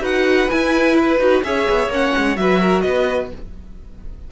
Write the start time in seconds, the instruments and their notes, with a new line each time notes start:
0.00 cello D#4, viola F#4, violin B4 F#5
0.50 viola E4, cello E4, violin G#5
0.96 violin B4
1.19 cello D#4, viola F#4
1.44 cello C#4, viola G#4, violin C#5 E5
1.69 cello B3
1.88 cello A#3, viola C#4, violin F#5
2.17 cello G#3
2.36 cello F#3, viola F#4, violin B4 E5
2.60 violin A#4
2.81 cello B3, violin B4 D#5